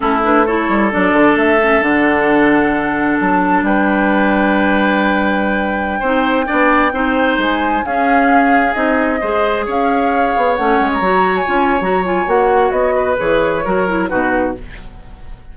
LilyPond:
<<
  \new Staff \with { instrumentName = "flute" } { \time 4/4 \tempo 4 = 132 a'8 b'8 cis''4 d''4 e''4 | fis''2. a''4 | g''1~ | g''1~ |
g''16 gis''4 f''2 dis''8.~ | dis''4~ dis''16 f''2 fis''8. | ais''4 gis''4 ais''8 gis''8 fis''4 | dis''4 cis''2 b'4 | }
  \new Staff \with { instrumentName = "oboe" } { \time 4/4 e'4 a'2.~ | a'1 | b'1~ | b'4~ b'16 c''4 d''4 c''8.~ |
c''4~ c''16 gis'2~ gis'8.~ | gis'16 c''4 cis''2~ cis''8.~ | cis''1~ | cis''8 b'4. ais'4 fis'4 | }
  \new Staff \with { instrumentName = "clarinet" } { \time 4/4 cis'8 d'8 e'4 d'4. cis'8 | d'1~ | d'1~ | d'4~ d'16 dis'4 d'4 dis'8.~ |
dis'4~ dis'16 cis'2 dis'8.~ | dis'16 gis'2. cis'8.~ | cis'16 fis'4 f'8. fis'8 f'8 fis'4~ | fis'4 gis'4 fis'8 e'8 dis'4 | }
  \new Staff \with { instrumentName = "bassoon" } { \time 4/4 a4. g8 fis8 d8 a4 | d2. fis4 | g1~ | g4~ g16 c'4 b4 c'8.~ |
c'16 gis4 cis'2 c'8.~ | c'16 gis4 cis'4. b8 a8 gis16~ | gis16 fis4 cis'8. fis4 ais4 | b4 e4 fis4 b,4 | }
>>